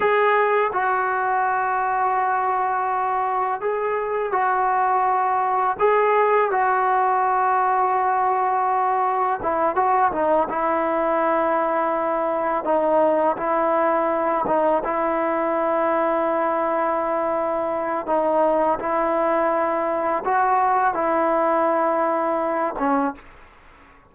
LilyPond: \new Staff \with { instrumentName = "trombone" } { \time 4/4 \tempo 4 = 83 gis'4 fis'2.~ | fis'4 gis'4 fis'2 | gis'4 fis'2.~ | fis'4 e'8 fis'8 dis'8 e'4.~ |
e'4. dis'4 e'4. | dis'8 e'2.~ e'8~ | e'4 dis'4 e'2 | fis'4 e'2~ e'8 cis'8 | }